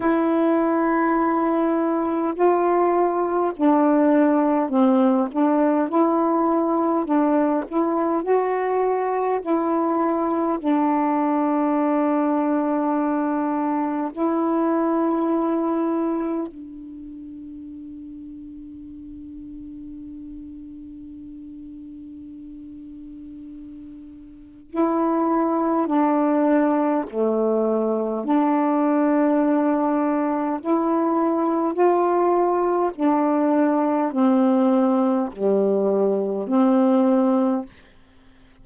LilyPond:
\new Staff \with { instrumentName = "saxophone" } { \time 4/4 \tempo 4 = 51 e'2 f'4 d'4 | c'8 d'8 e'4 d'8 e'8 fis'4 | e'4 d'2. | e'2 d'2~ |
d'1~ | d'4 e'4 d'4 a4 | d'2 e'4 f'4 | d'4 c'4 g4 c'4 | }